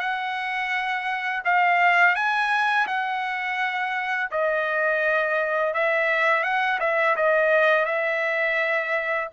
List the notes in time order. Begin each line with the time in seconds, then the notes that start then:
0.00 F#5
1.45 F5
2.15 G#5
2.87 F#5
4.31 D#5
5.74 E5
6.44 F#5
6.80 E5
7.16 D#5
7.86 E5